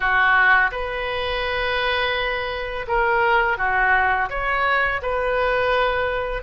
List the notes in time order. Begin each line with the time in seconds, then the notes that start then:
0.00 F#4
0.71 B4
2.87 A#4
3.57 F#4
4.29 C#5
5.02 B4